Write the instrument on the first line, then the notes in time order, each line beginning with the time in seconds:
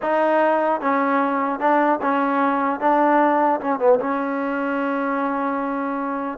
trombone
0.02 D#4
0.80 C#4
1.59 D4
2.01 C#4
2.80 D4
3.60 C#4
3.79 B3
3.99 C#4